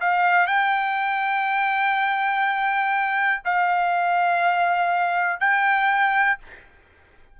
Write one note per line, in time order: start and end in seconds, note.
0.00 0.46 F5
0.46 3.42 G5
3.45 5.40 F5
5.40 6.38 G5